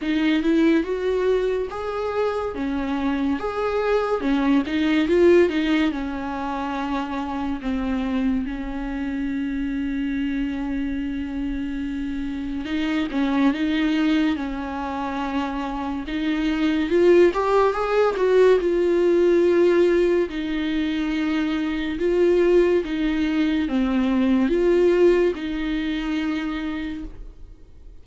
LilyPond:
\new Staff \with { instrumentName = "viola" } { \time 4/4 \tempo 4 = 71 dis'8 e'8 fis'4 gis'4 cis'4 | gis'4 cis'8 dis'8 f'8 dis'8 cis'4~ | cis'4 c'4 cis'2~ | cis'2. dis'8 cis'8 |
dis'4 cis'2 dis'4 | f'8 g'8 gis'8 fis'8 f'2 | dis'2 f'4 dis'4 | c'4 f'4 dis'2 | }